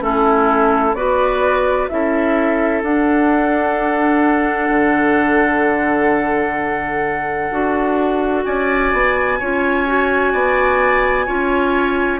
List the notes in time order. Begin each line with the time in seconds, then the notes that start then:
0.00 A3 C#4 E4 A4
0.94 B3 F#4 B4 D5
1.88 C#4 E4 A4 E5
2.82 D4 F#5
4.69 D3
7.51 D4 F#4
8.44 C#4 D5 G#5
8.93 B3
9.39 C#4 F4 C#5
9.86 F#4
10.32 B3 D5
11.26 C#4 F4 C#5